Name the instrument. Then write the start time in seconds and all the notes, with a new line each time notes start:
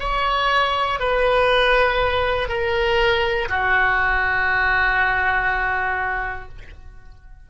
oboe
0.00 C#5
1.00 B4
2.49 A#4
3.49 F#4